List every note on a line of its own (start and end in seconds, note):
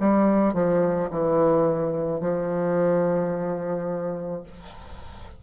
0.00 0.54 G3
0.54 1.09 F3
1.11 2.20 E3
2.20 4.42 F3